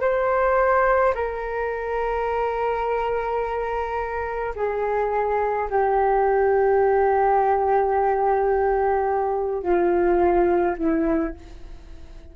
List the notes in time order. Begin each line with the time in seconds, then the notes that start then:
0.00 C5
1.14 A#4
4.55 G#4
5.69 G4
9.62 F4
10.77 E4